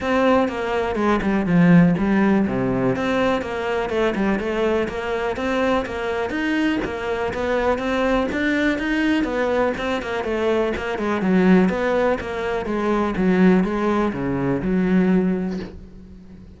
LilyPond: \new Staff \with { instrumentName = "cello" } { \time 4/4 \tempo 4 = 123 c'4 ais4 gis8 g8 f4 | g4 c4 c'4 ais4 | a8 g8 a4 ais4 c'4 | ais4 dis'4 ais4 b4 |
c'4 d'4 dis'4 b4 | c'8 ais8 a4 ais8 gis8 fis4 | b4 ais4 gis4 fis4 | gis4 cis4 fis2 | }